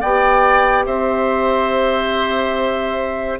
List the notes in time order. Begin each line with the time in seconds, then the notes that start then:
0.00 B3 G4 D5 G5
0.86 C4 C5 E5